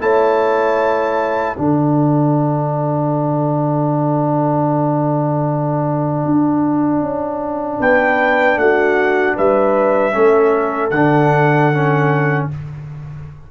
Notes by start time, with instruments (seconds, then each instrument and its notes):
0.00 tuba A3, trombone E4, horn C#5, trumpet A5
1.57 tuba D3, trombone D4, horn A4, trumpet F#5
6.26 tuba D4
7.02 tuba C#4
7.80 tuba B3, horn B4, trumpet G5
8.57 tuba A3, horn F#4, trumpet F#5
9.37 tuba G3, horn B4, trumpet E5
10.13 tuba A3, trombone C#4, horn A4
10.91 tuba D3, trombone D4, trumpet F#5
11.73 trombone C#4